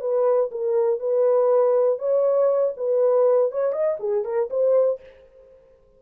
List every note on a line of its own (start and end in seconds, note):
0.00 0.50 B4
0.51 0.99 A#4
0.99 1.98 B4
1.98 2.73 C#5
2.76 3.51 B4
3.51 3.72 C#5
3.72 3.97 D#5
3.99 4.24 G#4
4.24 4.49 A#4
4.50 5.00 C5